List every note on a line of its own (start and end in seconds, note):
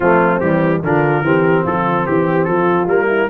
0.00 0.40 F3
0.00 0.42 A3
0.00 0.80 C4
0.00 0.40 F4
0.40 0.82 E3
0.40 0.83 G3
0.40 0.81 G4
0.82 1.22 D3
0.82 1.24 D4
0.82 1.25 F4
0.82 1.65 A#4
1.22 1.63 E3
1.22 2.88 C4
1.22 1.63 G4
1.63 2.06 F3
1.63 2.04 F4
1.63 2.06 A4
2.06 2.47 E3
2.06 2.44 G4
2.06 2.48 G4
2.44 2.86 F3
2.44 3.07 F4
2.44 2.85 A4
2.86 3.27 G3
2.86 3.29 A#3
2.86 3.29 A#4
3.07 3.28 E4